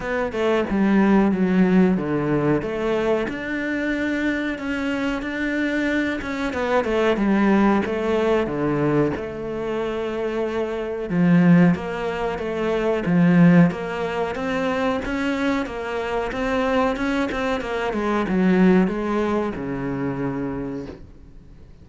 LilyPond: \new Staff \with { instrumentName = "cello" } { \time 4/4 \tempo 4 = 92 b8 a8 g4 fis4 d4 | a4 d'2 cis'4 | d'4. cis'8 b8 a8 g4 | a4 d4 a2~ |
a4 f4 ais4 a4 | f4 ais4 c'4 cis'4 | ais4 c'4 cis'8 c'8 ais8 gis8 | fis4 gis4 cis2 | }